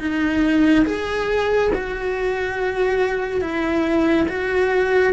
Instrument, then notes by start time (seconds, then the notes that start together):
cello
0.00 D#4
0.86 G#4
1.75 F#4
3.41 E4
4.29 F#4